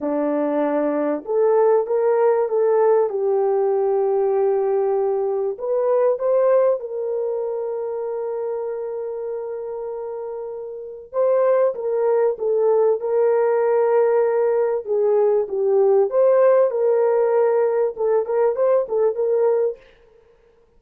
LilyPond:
\new Staff \with { instrumentName = "horn" } { \time 4/4 \tempo 4 = 97 d'2 a'4 ais'4 | a'4 g'2.~ | g'4 b'4 c''4 ais'4~ | ais'1~ |
ais'2 c''4 ais'4 | a'4 ais'2. | gis'4 g'4 c''4 ais'4~ | ais'4 a'8 ais'8 c''8 a'8 ais'4 | }